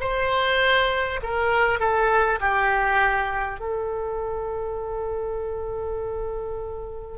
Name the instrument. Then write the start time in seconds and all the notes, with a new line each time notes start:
oboe
0.00 C5
1.23 A#4
1.79 A4
2.41 G4
3.60 A4